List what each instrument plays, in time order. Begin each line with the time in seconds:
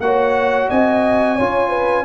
0.00 tuba A#3, trombone F#4, horn C#5, trumpet F#5
0.70 tuba C4, horn D#5, trumpet G#5
1.36 tuba C#4, trombone F4, horn C#5
1.70 horn B4